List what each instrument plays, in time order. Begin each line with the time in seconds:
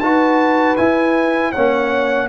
0.00 tuba D#4, trombone F#4, horn B4, trumpet A5
0.77 trombone E4, tuba E4, trumpet G#5
1.51 tuba A#3, trombone C#4, horn C#5, trumpet F#5